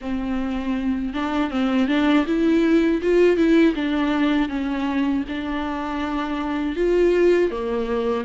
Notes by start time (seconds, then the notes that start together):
0.01 C4
1.13 D4
1.50 C4
1.88 D4
2.26 E4
3.02 F4
3.36 E4
3.75 D4
4.48 C#4
5.28 D4
6.75 F4
7.50 A#3